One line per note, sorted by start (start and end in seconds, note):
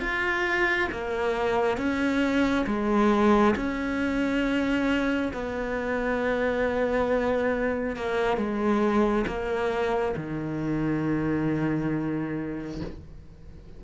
0.00 0.88 F4
0.91 1.77 A#3
1.77 2.65 C#4
2.66 3.55 G#3
3.56 5.32 C#4
5.33 7.96 B3
7.96 8.37 A#3
8.37 9.25 G#3
9.26 10.15 A#3
10.16 12.81 D#3